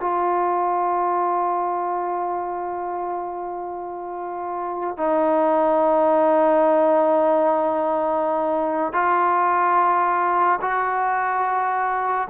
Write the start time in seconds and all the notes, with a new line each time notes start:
0.00 F4
4.97 D#4
8.93 F4
10.61 F#4